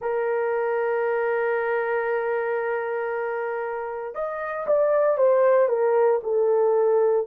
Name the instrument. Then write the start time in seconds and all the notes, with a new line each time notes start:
horn
0.01 A#4
4.14 D#5
4.66 D5
5.17 C5
5.68 A#4
6.23 A4